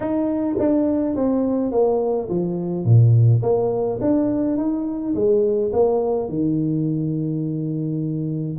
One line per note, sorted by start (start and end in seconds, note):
0.00 0.56 D#4
0.58 1.15 D4
1.15 1.71 C4
1.71 2.28 A#3
2.29 2.84 F3
2.84 3.41 A#2
3.42 3.99 A#3
4.01 4.57 D4
4.57 5.14 D#4
5.14 5.71 G#3
5.72 6.28 A#3
6.28 8.57 D#3